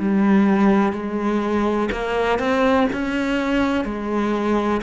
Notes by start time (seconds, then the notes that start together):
0.00 G3
0.93 G#3
1.92 A#3
2.39 C4
2.93 C#4
3.85 G#3